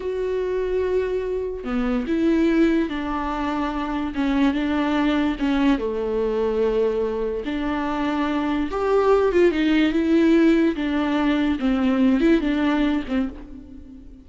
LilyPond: \new Staff \with { instrumentName = "viola" } { \time 4/4 \tempo 4 = 145 fis'1 | b4 e'2 d'4~ | d'2 cis'4 d'4~ | d'4 cis'4 a2~ |
a2 d'2~ | d'4 g'4. f'8 dis'4 | e'2 d'2 | c'4. e'8 d'4. c'8 | }